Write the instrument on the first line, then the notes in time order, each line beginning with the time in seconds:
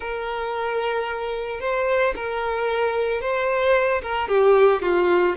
violin
0.00 A#4
1.60 C5
2.15 A#4
3.21 C5
4.02 A#4
4.28 G4
4.82 F4